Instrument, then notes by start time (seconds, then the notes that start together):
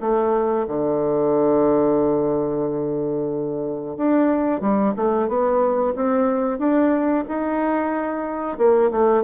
bassoon
0.00 A3
0.67 D3
3.97 D4
4.61 G3
4.96 A3
5.28 B3
5.96 C4
6.58 D4
7.28 D#4
8.57 A#3
8.91 A3